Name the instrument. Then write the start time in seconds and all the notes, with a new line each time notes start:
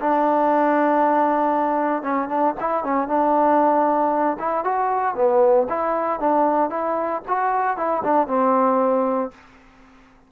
trombone
0.00 D4
2.02 C#4
2.28 D4
2.60 E4
2.84 C#4
3.08 D4
4.39 E4
4.64 F#4
5.15 B3
5.69 E4
6.20 D4
6.70 E4
7.27 F#4
7.77 E4
8.04 D4
8.27 C4